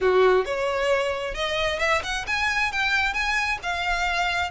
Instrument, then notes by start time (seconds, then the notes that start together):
violin
0.00 F#4
0.45 C#5
1.34 D#5
1.79 E5
2.03 F#5
2.27 G#5
2.72 G5
3.13 G#5
3.62 F5